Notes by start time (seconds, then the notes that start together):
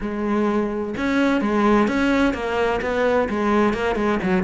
0.01 G#3
0.97 C#4
1.41 G#3
1.87 C#4
2.33 A#3
2.81 B3
3.29 G#3
3.73 A#3
3.95 G#3
4.23 F#3